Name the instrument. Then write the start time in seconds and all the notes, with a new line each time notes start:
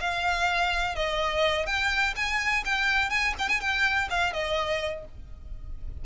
violin
0.00 F5
0.95 D#5
1.66 G5
2.15 G#5
2.64 G5
3.09 G#5
3.38 G5
3.48 G#5
3.60 G5
4.10 F5
4.33 D#5